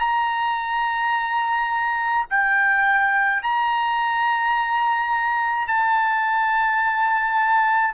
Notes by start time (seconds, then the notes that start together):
0.00 A#5
2.31 G5
3.43 A#5
5.68 A5